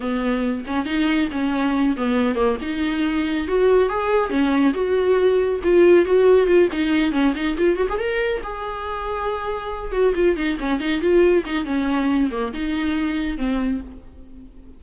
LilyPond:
\new Staff \with { instrumentName = "viola" } { \time 4/4 \tempo 4 = 139 b4. cis'8 dis'4 cis'4~ | cis'8 b4 ais8 dis'2 | fis'4 gis'4 cis'4 fis'4~ | fis'4 f'4 fis'4 f'8 dis'8~ |
dis'8 cis'8 dis'8 f'8 fis'16 gis'16 ais'4 gis'8~ | gis'2. fis'8 f'8 | dis'8 cis'8 dis'8 f'4 dis'8 cis'4~ | cis'8 ais8 dis'2 c'4 | }